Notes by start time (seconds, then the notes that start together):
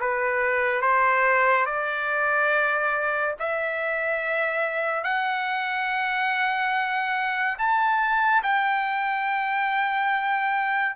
0.00 B4
0.81 C5
1.66 D5
3.39 E5
5.03 F#5
7.58 A5
8.43 G5